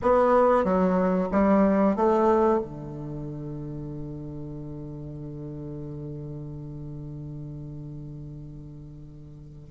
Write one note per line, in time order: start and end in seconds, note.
0.02 0.64 B3
0.64 1.28 F#3
1.31 1.95 G3
1.95 2.59 A3
2.59 9.69 D3